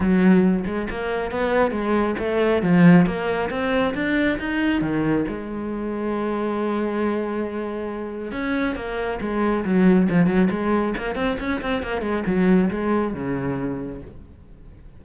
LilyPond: \new Staff \with { instrumentName = "cello" } { \time 4/4 \tempo 4 = 137 fis4. gis8 ais4 b4 | gis4 a4 f4 ais4 | c'4 d'4 dis'4 dis4 | gis1~ |
gis2. cis'4 | ais4 gis4 fis4 f8 fis8 | gis4 ais8 c'8 cis'8 c'8 ais8 gis8 | fis4 gis4 cis2 | }